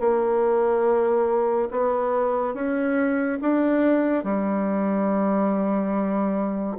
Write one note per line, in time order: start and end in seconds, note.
0.00 1.69 A#3
1.71 2.54 B3
2.54 3.39 C#4
3.41 4.24 D4
4.24 6.78 G3